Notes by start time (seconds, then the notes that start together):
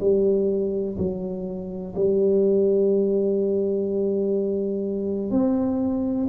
0.00 G3
0.98 F#3
1.95 G3
5.30 C4